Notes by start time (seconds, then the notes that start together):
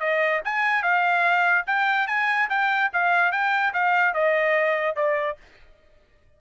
0.00 D#5
0.44 G#5
0.83 F5
1.67 G5
2.08 G#5
2.49 G5
2.93 F5
3.32 G5
3.73 F5
4.14 D#5
4.96 D5